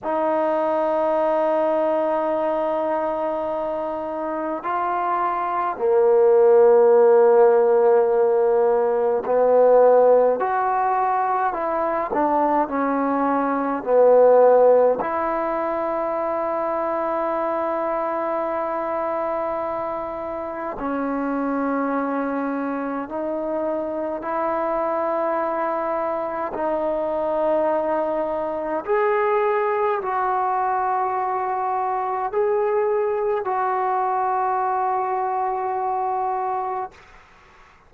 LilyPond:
\new Staff \with { instrumentName = "trombone" } { \time 4/4 \tempo 4 = 52 dis'1 | f'4 ais2. | b4 fis'4 e'8 d'8 cis'4 | b4 e'2.~ |
e'2 cis'2 | dis'4 e'2 dis'4~ | dis'4 gis'4 fis'2 | gis'4 fis'2. | }